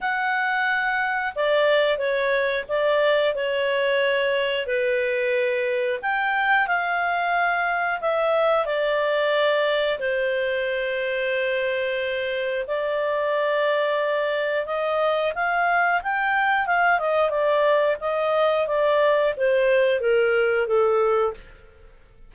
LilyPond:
\new Staff \with { instrumentName = "clarinet" } { \time 4/4 \tempo 4 = 90 fis''2 d''4 cis''4 | d''4 cis''2 b'4~ | b'4 g''4 f''2 | e''4 d''2 c''4~ |
c''2. d''4~ | d''2 dis''4 f''4 | g''4 f''8 dis''8 d''4 dis''4 | d''4 c''4 ais'4 a'4 | }